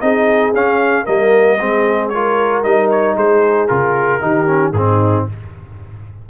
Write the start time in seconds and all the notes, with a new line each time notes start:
0.00 C4 D#4 G#4 D#5
0.54 C#4 F5
1.04 G3 A#3 A#4 D#5
1.60 G#3 C4 G#4
2.09 F4 A#4 C#5
2.63 G3 D#4 D#5
2.90 C#5
3.16 G#3 G#4 C5
3.68 C#3 F4 A#4
4.21 D#3 D#4 G4
4.47 C#4
4.72 G#2 C4 D#4 G#4